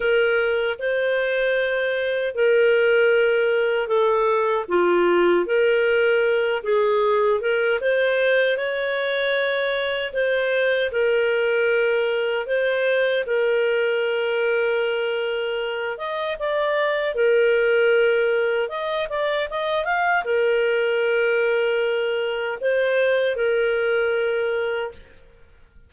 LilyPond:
\new Staff \with { instrumentName = "clarinet" } { \time 4/4 \tempo 4 = 77 ais'4 c''2 ais'4~ | ais'4 a'4 f'4 ais'4~ | ais'8 gis'4 ais'8 c''4 cis''4~ | cis''4 c''4 ais'2 |
c''4 ais'2.~ | ais'8 dis''8 d''4 ais'2 | dis''8 d''8 dis''8 f''8 ais'2~ | ais'4 c''4 ais'2 | }